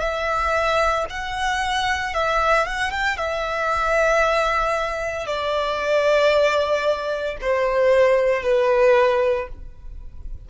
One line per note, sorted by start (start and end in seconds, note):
0.00 1.05 E5
1.10 2.14 F#5
2.14 2.66 E5
2.66 2.91 F#5
2.91 3.17 G5
3.17 5.26 E5
5.26 7.37 D5
7.41 8.43 C5
8.43 9.48 B4